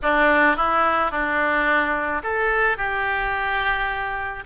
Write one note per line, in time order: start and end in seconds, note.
0.02 0.56 D4
0.56 1.11 E4
1.11 2.22 D4
2.23 2.77 A4
2.77 4.43 G4